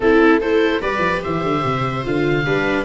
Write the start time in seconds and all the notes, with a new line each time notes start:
0.00 A3 C4 E4 A4
0.40 E4 A4 C5
0.80 G3 G4 B4 D5
0.98 F3
1.22 E3 C5 E5
1.43 D3
1.65 C3
2.03 D3 F4 F5
2.45 G3 D4 B4